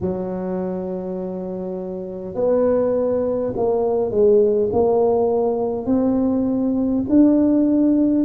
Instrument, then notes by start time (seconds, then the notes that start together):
tuba
0.01 F#3
2.35 B3
3.56 A#3
4.10 G#3
4.72 A#3
5.86 C4
7.09 D4